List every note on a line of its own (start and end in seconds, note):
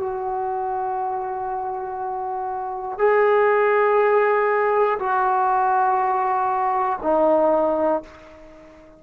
0.00 2.99 F#4
2.99 4.99 G#4
5.00 7.00 F#4
7.03 8.03 D#4